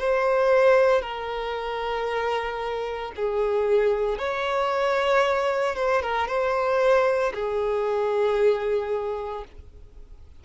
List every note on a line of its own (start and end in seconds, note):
0.00 1.02 C5
1.02 3.12 A#4
3.16 4.19 G#4
4.19 5.76 C#5
5.76 6.02 C5
6.02 6.28 A#4
6.28 7.33 C5
7.34 9.44 G#4